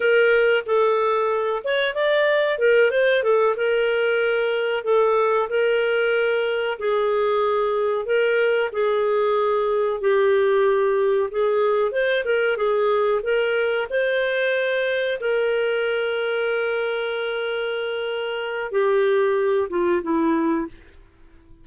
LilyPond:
\new Staff \with { instrumentName = "clarinet" } { \time 4/4 \tempo 4 = 93 ais'4 a'4. cis''8 d''4 | ais'8 c''8 a'8 ais'2 a'8~ | a'8 ais'2 gis'4.~ | gis'8 ais'4 gis'2 g'8~ |
g'4. gis'4 c''8 ais'8 gis'8~ | gis'8 ais'4 c''2 ais'8~ | ais'1~ | ais'4 g'4. f'8 e'4 | }